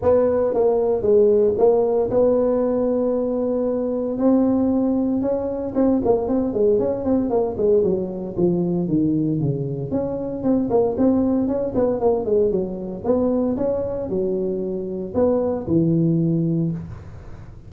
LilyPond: \new Staff \with { instrumentName = "tuba" } { \time 4/4 \tempo 4 = 115 b4 ais4 gis4 ais4 | b1 | c'2 cis'4 c'8 ais8 | c'8 gis8 cis'8 c'8 ais8 gis8 fis4 |
f4 dis4 cis4 cis'4 | c'8 ais8 c'4 cis'8 b8 ais8 gis8 | fis4 b4 cis'4 fis4~ | fis4 b4 e2 | }